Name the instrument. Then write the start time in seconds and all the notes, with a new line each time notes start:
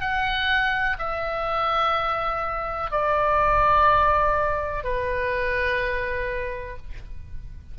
oboe
0.00 F#5
0.98 E5
2.91 D5
4.83 B4